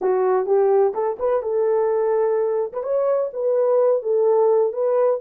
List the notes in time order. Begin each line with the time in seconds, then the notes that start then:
0.01 F#4
0.46 G4
0.94 A4
1.19 B4
1.42 A4
2.73 B4
2.83 C#5
3.33 B4
4.02 A4
4.72 B4